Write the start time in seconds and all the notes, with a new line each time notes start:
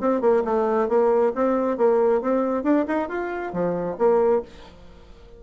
0.00 C4
0.21 A#3
0.45 A3
0.89 A#3
1.35 C4
1.77 A#3
2.22 C4
2.64 D4
2.88 D#4
3.09 F4
3.53 F3
3.98 A#3